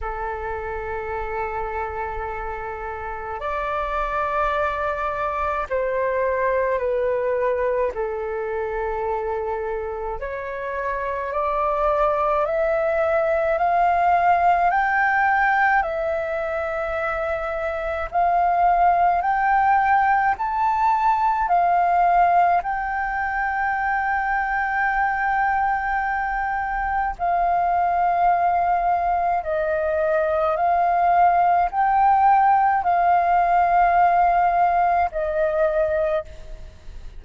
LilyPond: \new Staff \with { instrumentName = "flute" } { \time 4/4 \tempo 4 = 53 a'2. d''4~ | d''4 c''4 b'4 a'4~ | a'4 cis''4 d''4 e''4 | f''4 g''4 e''2 |
f''4 g''4 a''4 f''4 | g''1 | f''2 dis''4 f''4 | g''4 f''2 dis''4 | }